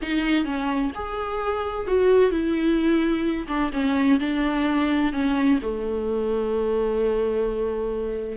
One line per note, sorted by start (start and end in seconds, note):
0.02 0.44 D#4
0.44 0.91 C#4
0.95 1.87 G#4
1.87 2.30 F#4
2.30 3.47 E4
3.48 3.71 D4
3.72 4.19 C#4
4.19 5.12 D4
5.12 5.59 C#4
5.62 8.37 A3